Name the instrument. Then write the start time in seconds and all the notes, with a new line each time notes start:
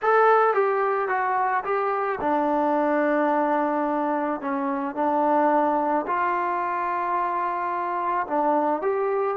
trombone
0.02 A4
0.54 G4
1.08 F#4
1.64 G4
2.20 D4
4.40 C#4
4.95 D4
6.06 F4
8.27 D4
8.81 G4